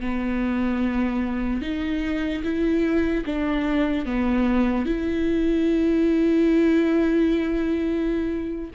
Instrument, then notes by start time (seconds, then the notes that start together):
viola
0.00 B3
1.61 D#4
2.43 E4
3.25 D4
4.05 B3
4.85 E4